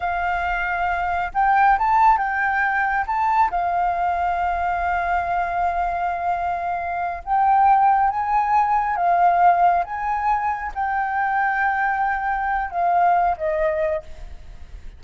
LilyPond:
\new Staff \with { instrumentName = "flute" } { \time 4/4 \tempo 4 = 137 f''2. g''4 | a''4 g''2 a''4 | f''1~ | f''1~ |
f''8 g''2 gis''4.~ | gis''8 f''2 gis''4.~ | gis''8 g''2.~ g''8~ | g''4 f''4. dis''4. | }